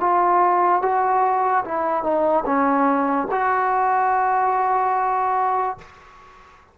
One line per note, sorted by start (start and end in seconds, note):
0.00 0.82 F4
0.82 1.64 F#4
1.65 2.03 E4
2.03 2.44 D#4
2.46 3.28 C#4
3.32 5.78 F#4